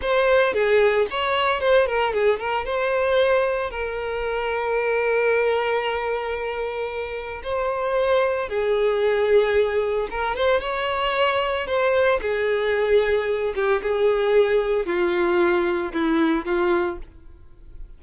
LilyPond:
\new Staff \with { instrumentName = "violin" } { \time 4/4 \tempo 4 = 113 c''4 gis'4 cis''4 c''8 ais'8 | gis'8 ais'8 c''2 ais'4~ | ais'1~ | ais'2 c''2 |
gis'2. ais'8 c''8 | cis''2 c''4 gis'4~ | gis'4. g'8 gis'2 | f'2 e'4 f'4 | }